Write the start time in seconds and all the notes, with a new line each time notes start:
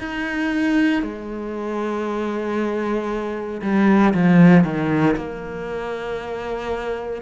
0.00 D#4
1.03 G#3
3.63 G3
4.14 F3
4.65 D#3
5.17 A#3